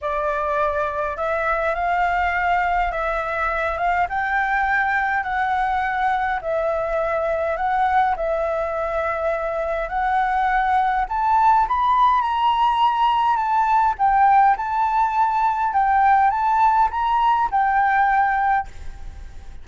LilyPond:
\new Staff \with { instrumentName = "flute" } { \time 4/4 \tempo 4 = 103 d''2 e''4 f''4~ | f''4 e''4. f''8 g''4~ | g''4 fis''2 e''4~ | e''4 fis''4 e''2~ |
e''4 fis''2 a''4 | b''4 ais''2 a''4 | g''4 a''2 g''4 | a''4 ais''4 g''2 | }